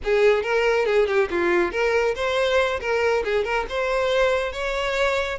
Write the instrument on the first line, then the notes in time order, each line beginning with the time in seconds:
violin
0.04 G#4
0.43 A#4
0.85 G#4
1.07 G4
1.30 F4
1.71 A#4
2.15 C5
2.80 A#4
3.24 G#4
3.44 A#4
3.69 C5
4.52 C#5